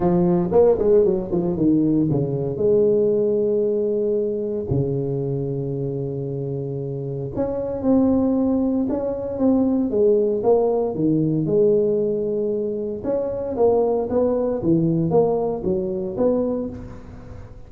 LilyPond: \new Staff \with { instrumentName = "tuba" } { \time 4/4 \tempo 4 = 115 f4 ais8 gis8 fis8 f8 dis4 | cis4 gis2.~ | gis4 cis2.~ | cis2 cis'4 c'4~ |
c'4 cis'4 c'4 gis4 | ais4 dis4 gis2~ | gis4 cis'4 ais4 b4 | e4 ais4 fis4 b4 | }